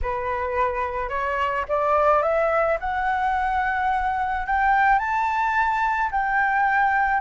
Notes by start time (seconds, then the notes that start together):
0.02 B4
1.09 C#5
1.68 D5
2.22 E5
2.80 F#5
4.46 G5
4.98 A5
6.11 G5